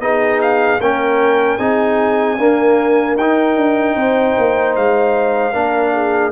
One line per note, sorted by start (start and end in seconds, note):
0.00 0.79 B3
0.00 0.80 D#4
0.00 0.81 G#4
0.00 0.41 D#5
0.42 0.81 F5
0.79 1.58 A#3
0.79 1.59 C#4
0.79 1.58 A#4
0.79 1.58 G5
1.58 2.38 C4
1.58 2.38 D#4
1.58 2.37 G#4
1.58 3.16 G#5
2.38 3.18 A#3
2.38 3.17 D4
2.38 3.98 A#4
3.17 3.56 D#4
3.17 5.54 D#4
3.17 4.76 G5
3.56 3.96 D4
3.96 4.35 C4
3.96 5.53 C5
4.38 4.76 A#3
4.76 5.55 G#3
4.76 6.33 F5
5.53 6.33 A#3
5.53 6.33 D4
5.53 5.93 A#4
5.94 6.33 G#4